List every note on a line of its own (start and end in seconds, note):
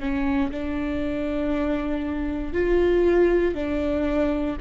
0.00 0.51 C#4
0.51 2.54 D4
2.54 3.55 F4
3.55 4.57 D4